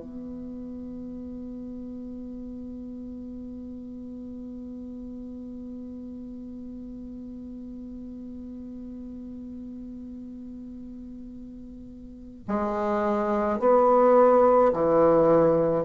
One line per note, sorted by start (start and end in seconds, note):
0.00 12.45 B3
12.48 13.60 G#3
13.60 14.73 B3
14.73 15.85 E3